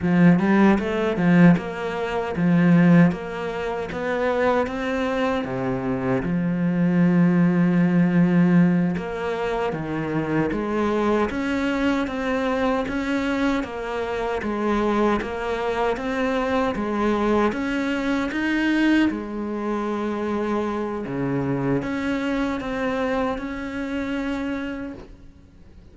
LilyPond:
\new Staff \with { instrumentName = "cello" } { \time 4/4 \tempo 4 = 77 f8 g8 a8 f8 ais4 f4 | ais4 b4 c'4 c4 | f2.~ f8 ais8~ | ais8 dis4 gis4 cis'4 c'8~ |
c'8 cis'4 ais4 gis4 ais8~ | ais8 c'4 gis4 cis'4 dis'8~ | dis'8 gis2~ gis8 cis4 | cis'4 c'4 cis'2 | }